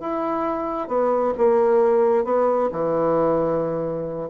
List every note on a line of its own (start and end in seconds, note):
0.00 0.88 E4
0.88 1.33 B3
1.38 2.24 A#3
2.24 2.69 B3
2.72 4.30 E3